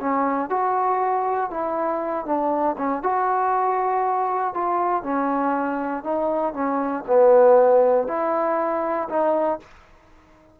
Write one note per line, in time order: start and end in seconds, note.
0.00 0.50 C#4
0.50 1.50 F#4
1.50 2.26 E4
2.26 2.76 D4
2.77 3.03 C#4
3.03 4.54 F#4
4.54 5.03 F4
5.03 6.03 C#4
6.03 6.54 D#4
6.54 7.04 C#4
7.07 8.08 B3
8.08 9.08 E4
9.09 9.59 D#4